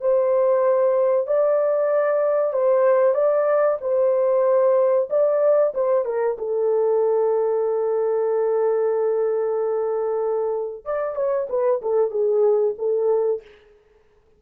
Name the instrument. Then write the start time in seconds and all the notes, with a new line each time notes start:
horn
0.00 C5
1.27 D5
2.52 C5
3.14 D5
3.81 C5
5.09 D5
5.74 C5
6.05 A#4
6.38 A4
10.85 D5
11.15 C#5
11.49 B4
11.81 A4
12.10 G#4
12.78 A4